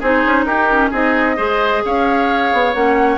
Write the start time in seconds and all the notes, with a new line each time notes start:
0.00 C4 D#4 G#4 C5
0.26 C#4
0.45 D#4 G4 A#4
0.71 C#4
0.91 C4 D#4 G#4 D#5
1.37 G#3 G#4 C5
1.85 C#4 C#5 F5
2.53 B3
2.74 A#3 C#4 F#5